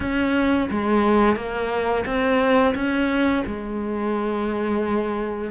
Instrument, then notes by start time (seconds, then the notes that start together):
cello
0.00 C#4
0.70 G#3
1.35 A#3
2.05 C4
2.74 C#4
3.46 G#3